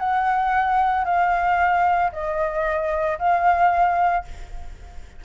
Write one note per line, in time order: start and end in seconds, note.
0.00 1.05 F#5
1.05 2.11 F5
2.13 3.19 D#5
3.19 4.25 F5